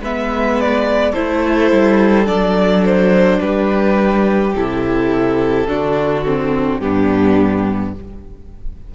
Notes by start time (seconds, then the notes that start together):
0.00 G#3 B3 B4 E5
0.60 D5
1.12 A3 E4 A4 C5
1.72 G3
2.25 F#3 D4 D5
2.85 C5
3.40 G3 G4 B4
4.55 C3 E4 A4
5.68 D3 D4 F#4
6.26 C4
6.79 G2 B3 D4 G4